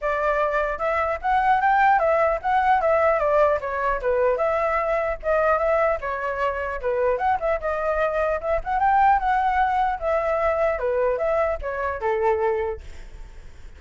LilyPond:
\new Staff \with { instrumentName = "flute" } { \time 4/4 \tempo 4 = 150 d''2 e''4 fis''4 | g''4 e''4 fis''4 e''4 | d''4 cis''4 b'4 e''4~ | e''4 dis''4 e''4 cis''4~ |
cis''4 b'4 fis''8 e''8 dis''4~ | dis''4 e''8 fis''8 g''4 fis''4~ | fis''4 e''2 b'4 | e''4 cis''4 a'2 | }